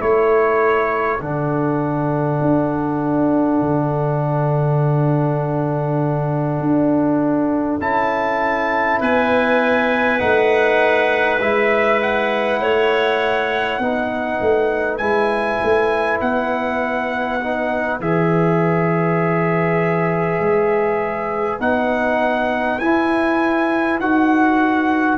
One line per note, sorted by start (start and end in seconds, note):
0.00 1.21 A3
0.00 1.20 E4
0.00 9.00 A4
0.00 1.21 C#5
1.21 2.41 D3
1.21 7.81 D4
1.21 7.81 F#5
2.42 3.61 D4
3.61 6.60 D3
6.60 7.80 D4
7.81 9.01 C#4
7.81 10.20 E4
7.81 9.01 A5
9.00 10.22 B3
9.00 12.60 B4
9.00 10.20 G#5
10.20 11.41 A3
10.20 11.39 D#4
10.20 11.40 F#5
11.41 12.61 G#3
11.41 13.82 E4
11.41 12.01 E5
12.02 14.98 F#5
12.61 13.79 A3
12.61 13.81 C#5
13.79 14.39 B3
13.79 15.00 D#4
13.79 25.19 B4
14.41 15.00 A3
14.98 15.60 G#3
14.98 17.40 E4
14.98 16.18 G#5
15.63 16.21 A3
16.21 18.00 B3
16.21 18.01 F#5
17.41 18.01 D#4
18.00 20.40 E3
18.00 21.60 G#4
18.00 21.61 E5
20.40 21.60 G#3
21.60 22.80 B3
21.60 22.80 D#4
21.60 22.80 F#5
22.80 24.00 E4
22.80 24.02 E4
22.80 24.00 G#5
24.00 25.19 D#4
24.00 25.19 F#4
24.00 25.19 F#5